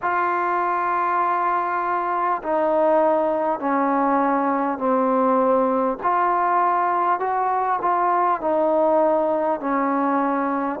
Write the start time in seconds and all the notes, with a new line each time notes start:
0.02 F4
2.43 D#4
3.59 C#4
4.77 C4
6.02 F4
7.19 F#4
7.81 F4
8.40 D#4
9.60 C#4